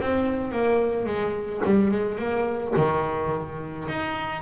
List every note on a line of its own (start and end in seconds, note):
0.00 0.51 C4
0.51 1.05 A#3
1.05 1.61 G#3
1.64 1.91 G3
1.91 2.18 G#3
2.18 2.73 A#3
2.76 3.87 D#3
3.88 4.41 D#4